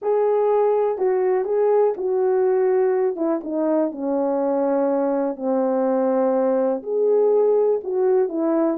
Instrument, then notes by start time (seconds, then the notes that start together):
horn
0.01 G#4
0.98 F#4
1.44 G#4
1.97 F#4
3.16 E4
3.43 D#4
3.91 C#4
5.35 C4
6.82 G#4
7.83 F#4
8.29 E4